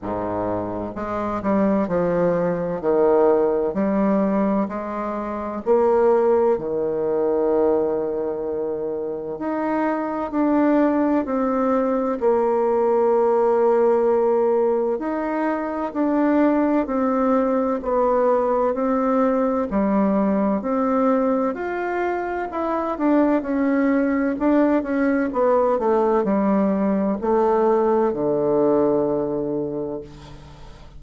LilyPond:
\new Staff \with { instrumentName = "bassoon" } { \time 4/4 \tempo 4 = 64 gis,4 gis8 g8 f4 dis4 | g4 gis4 ais4 dis4~ | dis2 dis'4 d'4 | c'4 ais2. |
dis'4 d'4 c'4 b4 | c'4 g4 c'4 f'4 | e'8 d'8 cis'4 d'8 cis'8 b8 a8 | g4 a4 d2 | }